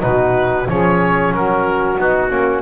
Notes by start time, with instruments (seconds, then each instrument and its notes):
0.00 double bass B2, trombone D#4, saxophone F#4, oboe B4
0.68 double bass F3, trombone C#4, saxophone G#4, oboe C#5
1.32 double bass F#3, saxophone F#4, oboe A#4
1.98 double bass B3, trombone D#4, oboe F#4
2.30 double bass A#3, trombone C#4